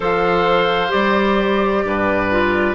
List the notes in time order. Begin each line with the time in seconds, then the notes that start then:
0.00 F3 A4 C5 F5
0.88 G3 G4 D5
1.84 G2 B4
2.31 F4